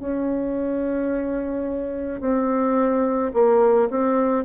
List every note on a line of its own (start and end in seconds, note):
0.00 2.21 C#4
2.21 3.32 C4
3.34 3.89 A#3
3.90 4.44 C4